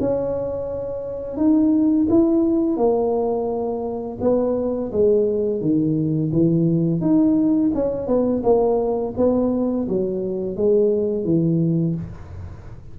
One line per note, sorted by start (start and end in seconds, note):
0.00 1.37 C#4
1.37 2.07 D#4
2.09 2.77 E4
2.77 4.18 A#3
4.21 4.91 B3
4.92 5.61 G#3
5.61 6.31 D#3
6.32 7.01 E3
7.01 7.71 D#4
7.74 8.07 C#4
8.07 8.42 B3
8.43 9.14 A#3
9.17 9.87 B3
9.88 10.56 F#3
10.56 11.25 G#3
11.25 11.95 E3